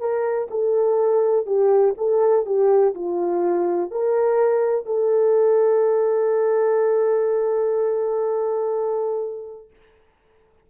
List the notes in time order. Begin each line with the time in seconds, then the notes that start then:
0.00 A#4
0.51 A4
1.46 G4
1.98 A4
2.46 G4
2.95 F4
3.91 A#4
4.86 A4